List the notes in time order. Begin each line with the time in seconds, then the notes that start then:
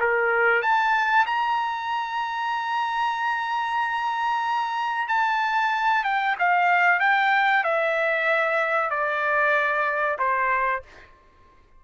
0.00 A#4
0.62 A5
1.27 A#5
5.08 A5
6.04 G5
6.39 F5
7.00 G5
7.64 E5
8.91 D5
10.19 C5